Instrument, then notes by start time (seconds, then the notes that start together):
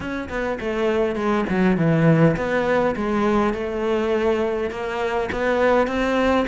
cello
0.00 C#4
0.29 B3
0.60 A3
1.15 G#3
1.49 F#3
1.77 E3
2.36 B3
2.95 G#3
3.53 A3
4.70 A#3
5.32 B3
5.87 C4